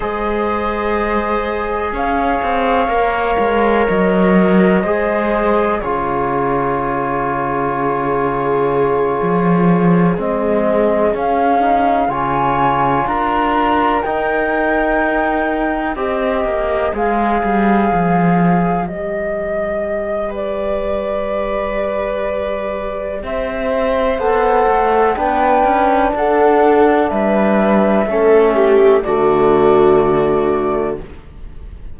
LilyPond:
<<
  \new Staff \with { instrumentName = "flute" } { \time 4/4 \tempo 4 = 62 dis''2 f''2 | dis''2 cis''2~ | cis''2~ cis''8 dis''4 f''8~ | f''8 gis''4 ais''4 g''4.~ |
g''8 dis''4 f''2 dis''8~ | dis''4 d''2. | e''4 fis''4 g''4 fis''4 | e''2 d''2 | }
  \new Staff \with { instrumentName = "viola" } { \time 4/4 c''2 cis''2~ | cis''4 c''4 gis'2~ | gis'1~ | gis'8 cis''4 ais'2~ ais'8~ |
ais'8 c''2.~ c''8~ | c''4 b'2. | c''2 b'4 a'4 | b'4 a'8 g'8 fis'2 | }
  \new Staff \with { instrumentName = "trombone" } { \time 4/4 gis'2. ais'4~ | ais'4 gis'4 f'2~ | f'2~ f'8 c'4 cis'8 | dis'8 f'2 dis'4.~ |
dis'8 g'4 gis'2 g'8~ | g'1~ | g'4 a'4 d'2~ | d'4 cis'4 a2 | }
  \new Staff \with { instrumentName = "cello" } { \time 4/4 gis2 cis'8 c'8 ais8 gis8 | fis4 gis4 cis2~ | cis4. f4 gis4 cis'8~ | cis'8 cis4 d'4 dis'4.~ |
dis'8 c'8 ais8 gis8 g8 f4 g8~ | g1 | c'4 b8 a8 b8 cis'8 d'4 | g4 a4 d2 | }
>>